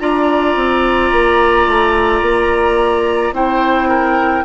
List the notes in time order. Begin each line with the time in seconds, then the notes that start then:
0.00 D4 F4 D5 A#5
0.56 C4
1.12 A#3
1.68 A3
2.22 A#3
3.32 C4 E4 C5 G5
3.89 A#4